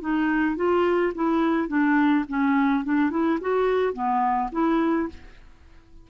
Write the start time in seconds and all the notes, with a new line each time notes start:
0.00 D#4
0.56 F4
1.14 E4
1.68 D4
2.28 C#4
2.84 D4
3.10 E4
3.40 F#4
3.93 B3
4.52 E4